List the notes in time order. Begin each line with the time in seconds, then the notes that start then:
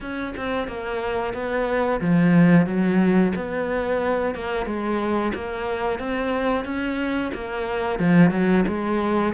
0.01 C#4
0.36 C4
0.67 A#3
1.33 B3
2.01 F3
2.66 F#3
3.35 B3
4.34 A#3
4.65 G#3
5.34 A#3
5.98 C4
6.65 C#4
7.34 A#3
7.99 F3
8.31 F#3
8.67 G#3